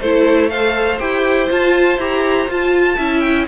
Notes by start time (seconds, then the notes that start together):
0.00 A3 E4 A4 C5
0.50 A4 C5 F5
0.99 E4 G4 G5
1.49 F4 A5
1.98 E4 G4 A#5
2.48 F4 A5
2.96 C#4 E4 E5
3.20 G5